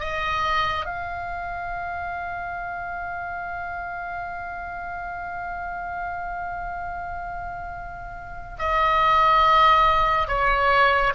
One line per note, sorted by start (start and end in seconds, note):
0.00 0.86 D#5
0.86 8.57 F5
8.59 10.28 D#5
10.28 11.14 C#5